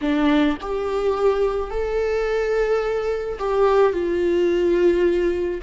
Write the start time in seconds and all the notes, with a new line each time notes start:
0.01 D4
0.61 G4
1.70 A4
3.38 G4
3.93 F4